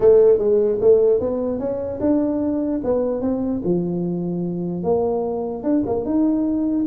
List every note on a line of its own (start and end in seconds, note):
0.00 0.38 A3
0.38 0.78 G#3
0.81 1.20 A3
1.20 1.59 B3
1.59 1.99 C#4
2.00 2.81 D4
2.84 3.21 B3
3.21 3.61 C4
3.64 4.83 F3
4.83 5.63 A#3
5.63 5.83 D4
5.86 6.05 A#3
6.05 6.85 D#4